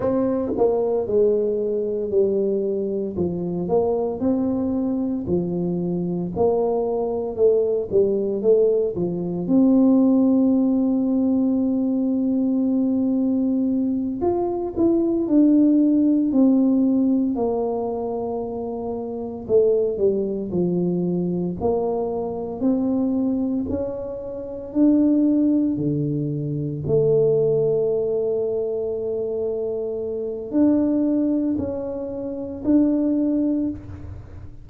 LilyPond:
\new Staff \with { instrumentName = "tuba" } { \time 4/4 \tempo 4 = 57 c'8 ais8 gis4 g4 f8 ais8 | c'4 f4 ais4 a8 g8 | a8 f8 c'2.~ | c'4. f'8 e'8 d'4 c'8~ |
c'8 ais2 a8 g8 f8~ | f8 ais4 c'4 cis'4 d'8~ | d'8 d4 a2~ a8~ | a4 d'4 cis'4 d'4 | }